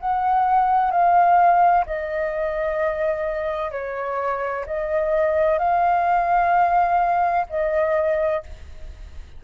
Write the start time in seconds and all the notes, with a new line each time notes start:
0.00 F#5
0.91 F5
1.86 D#5
3.72 C#5
4.67 D#5
5.59 F5
7.50 D#5